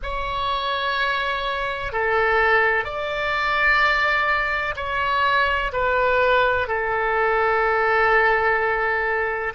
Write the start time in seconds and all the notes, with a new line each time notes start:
0.03 C#5
1.92 A4
2.84 D5
4.76 C#5
5.72 B4
6.67 A4